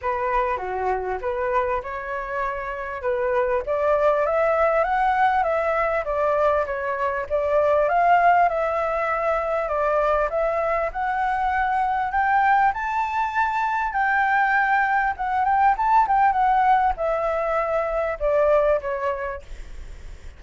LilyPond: \new Staff \with { instrumentName = "flute" } { \time 4/4 \tempo 4 = 99 b'4 fis'4 b'4 cis''4~ | cis''4 b'4 d''4 e''4 | fis''4 e''4 d''4 cis''4 | d''4 f''4 e''2 |
d''4 e''4 fis''2 | g''4 a''2 g''4~ | g''4 fis''8 g''8 a''8 g''8 fis''4 | e''2 d''4 cis''4 | }